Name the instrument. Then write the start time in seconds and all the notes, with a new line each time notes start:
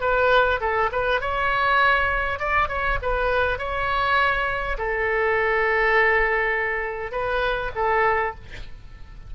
oboe
0.00 B4
0.60 A4
0.92 B4
1.20 C#5
2.39 D5
2.68 C#5
3.01 B4
3.58 C#5
4.78 A4
7.11 B4
7.75 A4